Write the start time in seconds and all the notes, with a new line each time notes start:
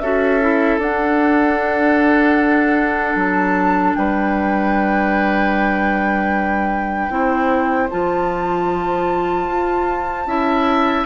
0.00 C#4 F#4 A4 E5
0.41 E4
0.79 D4 F#5
3.16 F#3 A5
3.95 G3 B4 G5
7.10 C4 E4 C5
7.90 F3 F4 A5
9.47 F4
10.26 C#4 E4 E5